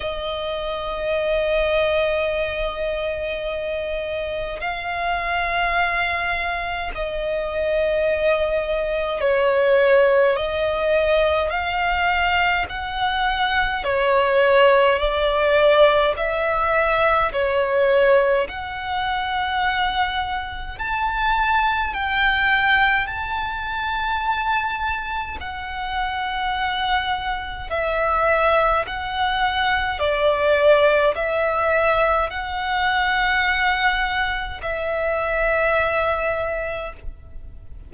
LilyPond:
\new Staff \with { instrumentName = "violin" } { \time 4/4 \tempo 4 = 52 dis''1 | f''2 dis''2 | cis''4 dis''4 f''4 fis''4 | cis''4 d''4 e''4 cis''4 |
fis''2 a''4 g''4 | a''2 fis''2 | e''4 fis''4 d''4 e''4 | fis''2 e''2 | }